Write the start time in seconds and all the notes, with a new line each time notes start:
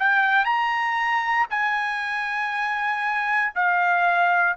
0.00 G5
0.46 A#5
1.51 G#5
3.55 F5